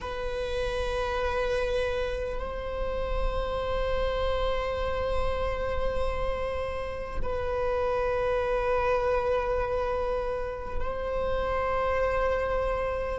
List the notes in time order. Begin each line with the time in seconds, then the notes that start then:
0.01 B4
2.39 C5
7.22 B4
10.80 C5